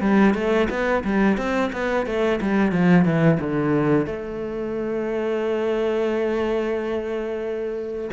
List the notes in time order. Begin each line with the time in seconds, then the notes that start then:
0.00 G3
0.34 A3
0.70 B3
1.04 G3
1.37 C4
1.73 B3
2.06 A3
2.41 G3
2.72 F3
3.05 E3
3.40 D3
4.06 A3